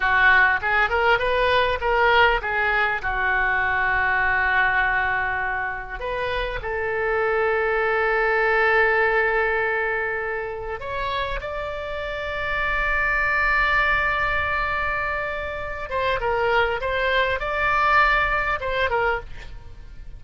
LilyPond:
\new Staff \with { instrumentName = "oboe" } { \time 4/4 \tempo 4 = 100 fis'4 gis'8 ais'8 b'4 ais'4 | gis'4 fis'2.~ | fis'2 b'4 a'4~ | a'1~ |
a'2 cis''4 d''4~ | d''1~ | d''2~ d''8 c''8 ais'4 | c''4 d''2 c''8 ais'8 | }